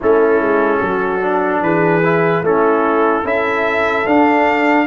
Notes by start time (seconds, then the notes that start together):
0.01 A3 C#4 E4 A4
0.40 G#3
0.78 F#3 F#4
1.21 D4
1.61 E3 G#4 B4
2.04 E4
2.42 A3 C#4 E4 A4
3.23 C#4 E4 A4 E5
4.06 D4 F5